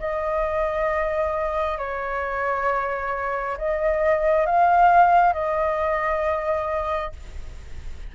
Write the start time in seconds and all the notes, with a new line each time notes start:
0.00 D#5
1.78 C#5
3.58 D#5
4.47 F5
5.34 D#5